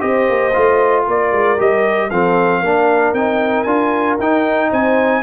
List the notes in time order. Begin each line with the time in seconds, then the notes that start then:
0.00 C4 G4 C5 D#5
0.29 A#3
0.54 A3 F4
1.07 A#3 A#4 D5
1.32 G#3
1.58 G3 G4 D#5
2.10 F3 C4 A4 F5
2.61 A#3 D4 A#4
3.13 C4 D#4 G5
3.64 D4 F4 G#5
4.19 D#4 G5
4.70 C4 C5 G#5